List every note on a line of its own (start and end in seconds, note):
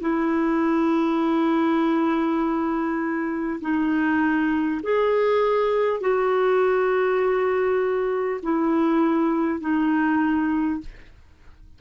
0.00 3.60 E4
3.61 4.81 D#4
4.83 6.01 G#4
6.01 8.41 F#4
8.42 9.60 E4
9.60 10.80 D#4